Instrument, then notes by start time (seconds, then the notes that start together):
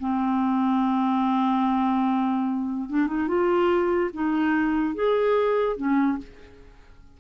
clarinet
0.00 C4
2.89 D4
3.07 D#4
3.28 F4
4.13 D#4
4.95 G#4
5.76 C#4